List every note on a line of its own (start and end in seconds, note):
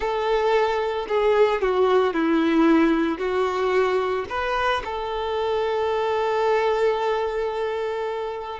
0.00 1.06 A4
1.08 1.61 G#4
1.61 2.13 F#4
2.13 3.18 E4
3.18 4.25 F#4
4.29 4.82 B4
4.84 8.59 A4